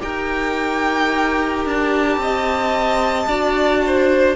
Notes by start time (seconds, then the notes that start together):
0.00 D#4 G4 A#4 G5
1.66 D4 A5
2.17 C4 D#5
3.27 D4 F#4 D5
3.87 C5